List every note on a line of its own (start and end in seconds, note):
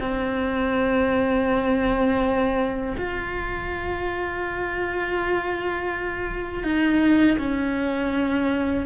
0.00 2.96 C4
2.97 6.63 F4
6.63 7.37 D#4
7.38 8.86 C#4